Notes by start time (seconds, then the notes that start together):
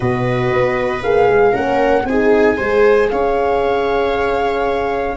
0.00 B2 F#4 B4 D#5
0.52 B3
1.02 A#3 G#4 F5
1.28 G#3
1.52 A#3 C#4 A#4 F#5
2.05 C4 D#4 G#4 G#5
2.56 G#3 G#4 C5
3.09 C#4 C#5 F5